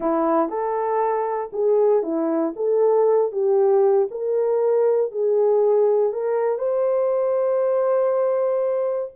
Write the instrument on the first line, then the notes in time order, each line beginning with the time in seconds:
horn
0.00 E4
0.49 A4
1.52 G#4
2.02 E4
2.56 A4
3.32 G4
4.10 A#4
5.11 G#4
6.12 A#4
6.58 C5